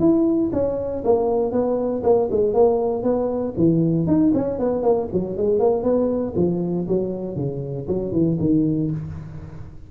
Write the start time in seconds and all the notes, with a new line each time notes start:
0.00 E4
0.53 C#4
1.04 A#3
1.52 B3
2.03 A#3
2.31 G#3
2.54 A#3
3.03 B3
3.57 E3
4.07 D#4
4.34 C#4
4.59 B3
4.83 A#3
5.13 F#3
5.37 G#3
5.60 A#3
5.83 B3
6.36 F3
6.88 F#3
7.36 C#3
7.88 F#3
8.12 E3
8.40 D#3